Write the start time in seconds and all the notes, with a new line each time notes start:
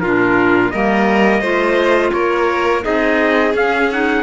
0.00 A#2 D4 F4 A#4
0.70 G3 A#3 A#4 D#5
1.41 A3 F4 C5
2.12 A#3 A#4 C#5
2.83 C4 D#4 G#4 D#5
3.55 C#4 F5
3.91 D#4 F#5